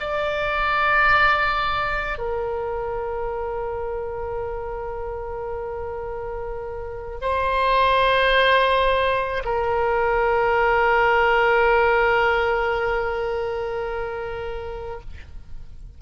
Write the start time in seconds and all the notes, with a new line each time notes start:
0.00 D5
2.18 A#4
7.21 C5
9.45 A#4